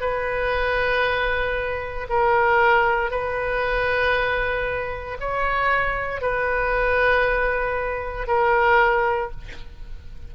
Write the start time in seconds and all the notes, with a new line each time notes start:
0.00 B4
2.09 A#4
3.10 B4
5.20 C#5
6.21 B4
8.27 A#4